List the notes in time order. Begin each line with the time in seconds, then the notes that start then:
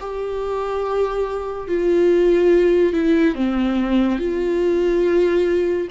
0.00 G4
1.68 F4
2.93 E4
3.35 C4
4.19 F4